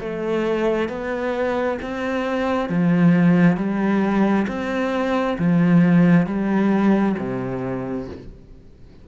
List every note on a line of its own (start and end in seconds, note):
0.00 0.89 A3
0.89 1.78 B3
1.82 2.69 C4
2.69 3.57 F3
3.57 4.46 G3
4.48 5.37 C4
5.38 6.26 F3
6.26 7.16 G3
7.18 8.08 C3